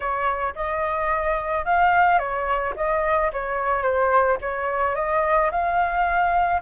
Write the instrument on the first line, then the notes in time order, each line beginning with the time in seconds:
flute
0.00 C#5
0.55 D#5
1.65 F5
2.18 C#5
2.75 D#5
3.33 C#5
3.82 C5
4.41 C#5
4.95 D#5
5.51 F5